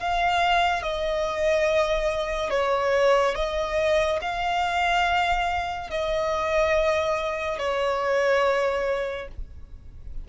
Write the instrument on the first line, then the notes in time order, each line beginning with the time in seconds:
violin
0.00 F5
0.83 D#5
2.51 C#5
3.35 D#5
4.22 F5
5.91 D#5
7.59 C#5